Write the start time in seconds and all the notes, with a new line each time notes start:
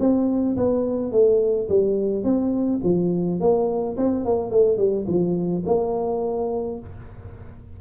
0.00 C4
0.57 B3
1.12 A3
1.70 G3
2.24 C4
2.84 F3
3.40 A#3
3.97 C4
4.25 A#3
4.51 A3
4.78 G3
5.08 F3
5.66 A#3